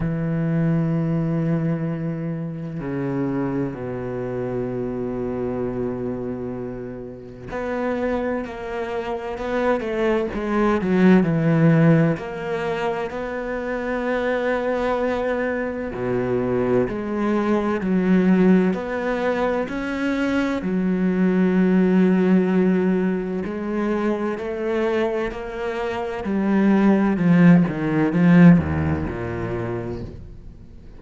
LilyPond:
\new Staff \with { instrumentName = "cello" } { \time 4/4 \tempo 4 = 64 e2. cis4 | b,1 | b4 ais4 b8 a8 gis8 fis8 | e4 ais4 b2~ |
b4 b,4 gis4 fis4 | b4 cis'4 fis2~ | fis4 gis4 a4 ais4 | g4 f8 dis8 f8 dis,8 ais,4 | }